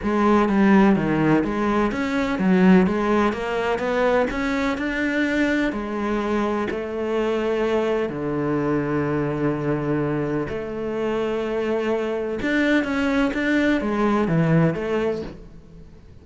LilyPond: \new Staff \with { instrumentName = "cello" } { \time 4/4 \tempo 4 = 126 gis4 g4 dis4 gis4 | cis'4 fis4 gis4 ais4 | b4 cis'4 d'2 | gis2 a2~ |
a4 d2.~ | d2 a2~ | a2 d'4 cis'4 | d'4 gis4 e4 a4 | }